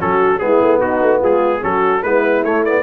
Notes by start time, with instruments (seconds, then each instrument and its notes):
0.00 tuba F#3, trombone C#4, horn F#4, trumpet A4
0.39 tuba G#3, trombone B3, horn E4, trumpet G#4
0.61 tuba A3
0.81 tuba B3, horn D#4, trumpet F#4
1.01 tuba A3
1.20 tuba G#3, horn F4, trumpet G#4
1.61 tuba F#3, trombone C#4, horn F#4, trumpet A4
2.03 tuba G#3, trombone B3, horn E4, trumpet B4
2.43 tuba A3, trombone A3, trumpet C#5
2.65 trombone B3, trumpet D5